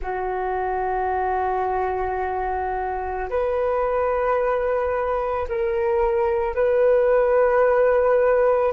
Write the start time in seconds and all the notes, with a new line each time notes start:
0.01 F#4
3.29 B4
5.48 A#4
6.55 B4